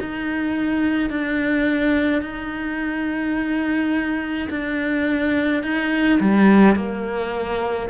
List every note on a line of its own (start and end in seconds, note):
0.00 1.10 D#4
1.10 2.22 D4
2.22 4.48 D#4
4.49 5.62 D4
5.62 6.19 D#4
6.20 6.76 G3
6.76 7.89 A#3